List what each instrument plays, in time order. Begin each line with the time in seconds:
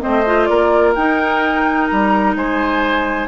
0.00 bassoon A3, clarinet C4, oboe C5, flute D#5
0.26 clarinet F4
0.45 bassoon A#3, oboe A#4, flute D5
0.95 bassoon D#4, clarinet D#4, flute G5
1.86 bassoon G3, flute A#5
2.35 bassoon G#3, oboe C5, flute G#5